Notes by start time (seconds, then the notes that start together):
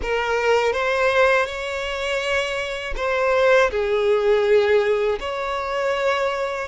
0.02 A#4
0.72 C5
1.45 C#5
2.96 C5
3.70 G#4
5.20 C#5